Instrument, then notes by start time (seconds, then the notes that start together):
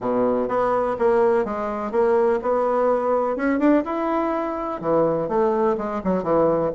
bassoon
0.00 B2
0.48 B3
0.99 A#3
1.44 G#3
1.91 A#3
2.42 B3
3.36 C#4
3.59 D4
3.84 E4
4.80 E3
5.28 A3
5.77 G#3
6.03 F#3
6.23 E3